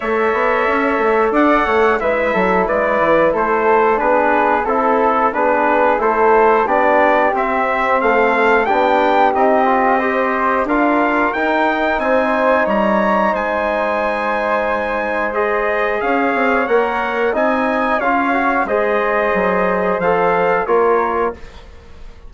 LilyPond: <<
  \new Staff \with { instrumentName = "trumpet" } { \time 4/4 \tempo 4 = 90 e''2 fis''4 e''4 | d''4 c''4 b'4 a'4 | b'4 c''4 d''4 e''4 | f''4 g''4 dis''2 |
f''4 g''4 gis''4 ais''4 | gis''2. dis''4 | f''4 fis''4 gis''4 f''4 | dis''2 f''4 cis''4 | }
  \new Staff \with { instrumentName = "flute" } { \time 4/4 cis''2 d''8 cis''8 b'8 a'8 | b'4 a'4 gis'4 a'4 | gis'4 a'4 g'2 | a'4 g'2 c''4 |
ais'2 c''4 cis''4 | c''1 | cis''2 dis''4 cis''4 | c''2. ais'4 | }
  \new Staff \with { instrumentName = "trombone" } { \time 4/4 a'2. e'4~ | e'2 d'4 e'4 | d'4 e'4 d'4 c'4~ | c'4 d'4 dis'8 f'8 g'4 |
f'4 dis'2.~ | dis'2. gis'4~ | gis'4 ais'4 dis'4 f'8 fis'8 | gis'2 a'4 f'4 | }
  \new Staff \with { instrumentName = "bassoon" } { \time 4/4 a8 b8 cis'8 a8 d'8 a8 gis8 fis8 | gis8 e8 a4 b4 c'4 | b4 a4 b4 c'4 | a4 b4 c'2 |
d'4 dis'4 c'4 g4 | gis1 | cis'8 c'8 ais4 c'4 cis'4 | gis4 fis4 f4 ais4 | }
>>